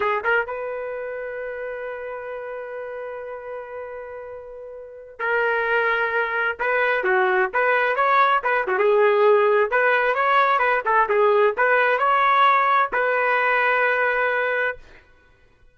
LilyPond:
\new Staff \with { instrumentName = "trumpet" } { \time 4/4 \tempo 4 = 130 gis'8 ais'8 b'2.~ | b'1~ | b'2.~ b'16 ais'8.~ | ais'2~ ais'16 b'4 fis'8.~ |
fis'16 b'4 cis''4 b'8 fis'16 gis'4~ | gis'4 b'4 cis''4 b'8 a'8 | gis'4 b'4 cis''2 | b'1 | }